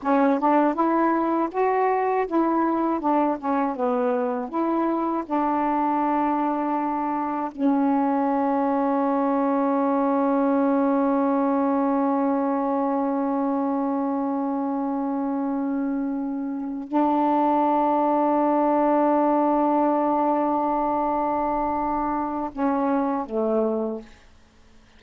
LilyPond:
\new Staff \with { instrumentName = "saxophone" } { \time 4/4 \tempo 4 = 80 cis'8 d'8 e'4 fis'4 e'4 | d'8 cis'8 b4 e'4 d'4~ | d'2 cis'2~ | cis'1~ |
cis'1~ | cis'2~ cis'8 d'4.~ | d'1~ | d'2 cis'4 a4 | }